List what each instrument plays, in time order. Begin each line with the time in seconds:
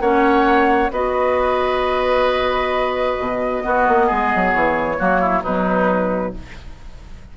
0.00 bassoon A#3, clarinet C#4, oboe C#5, flute F#5
0.91 bassoon B3, clarinet F#4, oboe B4, flute D#5
3.19 bassoon B2
3.62 clarinet B3, bassoon B3, oboe F#4
3.88 bassoon A#3
4.06 bassoon G#3, oboe G#4
4.35 bassoon F#3
4.52 bassoon E3, flute C#5
4.98 bassoon F#3, clarinet A#3, oboe F#4
5.20 oboe E4
5.42 bassoon B2, clarinet F#3, oboe D#4, flute B4